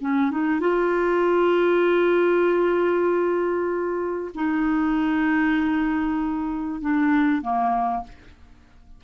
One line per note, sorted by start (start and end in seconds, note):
0.00 0.31 C#4
0.31 0.60 D#4
0.60 4.31 F4
4.34 6.80 D#4
6.80 7.41 D4
7.41 8.03 A#3